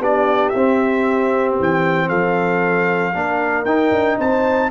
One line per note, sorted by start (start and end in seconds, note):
0.00 0.52 B3
0.00 0.54 D4
0.00 2.08 G4
0.00 0.50 D5
0.50 1.59 C4
0.50 1.54 E5
0.57 3.14 C4
1.60 2.10 E3
1.60 2.09 G5
2.08 3.14 F3
2.08 3.13 A4
2.08 3.65 F5
3.14 3.65 A#3
3.14 3.66 D4
3.14 4.18 A#4
3.65 3.92 D#4
3.65 4.71 D#4
3.65 4.18 G5
3.92 4.18 D4
4.18 4.71 C4
4.18 4.70 C5
4.18 4.71 A5